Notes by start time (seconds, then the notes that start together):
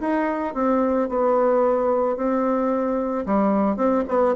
0.00 D#4
0.54 C4
1.09 B3
2.16 C4
3.26 G3
3.76 C4
4.08 B3